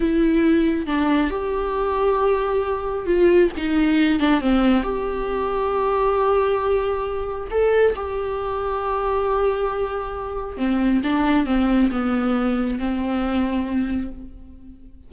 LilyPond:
\new Staff \with { instrumentName = "viola" } { \time 4/4 \tempo 4 = 136 e'2 d'4 g'4~ | g'2. f'4 | dis'4. d'8 c'4 g'4~ | g'1~ |
g'4 a'4 g'2~ | g'1 | c'4 d'4 c'4 b4~ | b4 c'2. | }